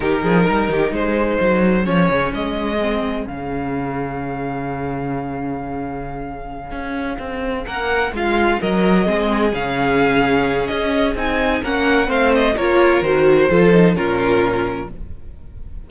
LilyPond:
<<
  \new Staff \with { instrumentName = "violin" } { \time 4/4 \tempo 4 = 129 ais'2 c''2 | cis''4 dis''2 f''4~ | f''1~ | f''1~ |
f''8 fis''4 f''4 dis''4.~ | dis''8 f''2~ f''8 dis''4 | gis''4 fis''4 f''8 dis''8 cis''4 | c''2 ais'2 | }
  \new Staff \with { instrumentName = "violin" } { \time 4/4 g'8 gis'8 ais'8 g'8 gis'2~ | gis'1~ | gis'1~ | gis'1~ |
gis'8 ais'4 f'4 ais'4 gis'8~ | gis'1~ | gis'4 ais'4 c''4 ais'4~ | ais'4 a'4 f'2 | }
  \new Staff \with { instrumentName = "viola" } { \time 4/4 dis'1 | cis'2 c'4 cis'4~ | cis'1~ | cis'1~ |
cis'2.~ cis'8 c'8~ | c'8 cis'2.~ cis'8 | dis'4 cis'4 c'4 f'4 | fis'4 f'8 dis'8 cis'2 | }
  \new Staff \with { instrumentName = "cello" } { \time 4/4 dis8 f8 g8 dis8 gis4 fis4 | f8 cis8 gis2 cis4~ | cis1~ | cis2~ cis8 cis'4 c'8~ |
c'8 ais4 gis4 fis4 gis8~ | gis8 cis2~ cis8 cis'4 | c'4 ais4 a4 ais4 | dis4 f4 ais,2 | }
>>